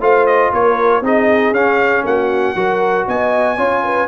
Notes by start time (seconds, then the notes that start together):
0.00 A3 F4 C5 F5
0.26 D#5
0.53 A#3 A#4 C#5
1.01 C4 D#4 G#4 D#5
1.51 C#4 F5
2.03 A#3 F#4 F#5
2.55 F#3 F#4 A#4
3.07 B3 D#5 G#5
3.56 C#4 F4 C#5
3.83 B4